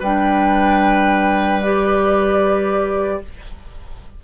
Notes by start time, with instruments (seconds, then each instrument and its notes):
0.00 bassoon G3, clarinet D4, oboe B4, flute G5
1.63 clarinet G4, flute D5